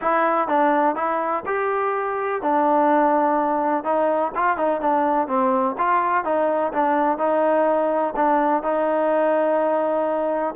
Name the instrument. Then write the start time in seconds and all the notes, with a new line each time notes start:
trombone
0.01 E4
0.48 D4
0.95 E4
1.46 G4
2.42 D4
3.84 D#4
4.35 F4
4.57 D#4
4.80 D4
5.27 C4
5.77 F4
6.24 D#4
6.72 D4
7.18 D#4
8.16 D4
8.62 D#4